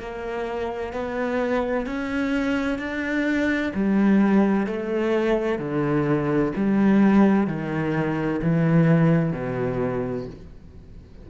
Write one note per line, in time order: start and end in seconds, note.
0.00 0.93 A#3
0.93 1.86 B3
1.86 2.79 C#4
2.79 3.72 D4
3.75 4.67 G3
4.67 5.59 A3
5.59 6.52 D3
6.56 7.47 G3
7.47 8.41 D#3
8.42 9.33 E3
9.33 10.27 B2